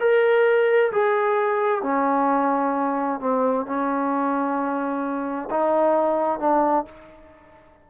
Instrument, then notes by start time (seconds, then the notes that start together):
trombone
0.00 A#4
0.92 G#4
1.82 C#4
3.20 C4
3.66 C#4
5.51 D#4
6.40 D4